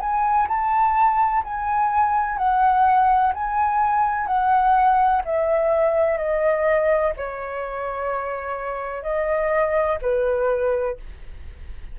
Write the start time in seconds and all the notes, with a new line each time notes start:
0.00 G#5
0.48 A5
1.44 G#5
2.38 F#5
3.34 G#5
4.27 F#5
5.25 E5
6.18 D#5
7.17 C#5
9.03 D#5
10.02 B4